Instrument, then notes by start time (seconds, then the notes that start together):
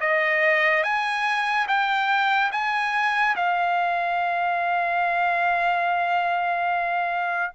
trumpet
0.00 D#5
0.83 G#5
1.67 G5
2.52 G#5
3.36 F5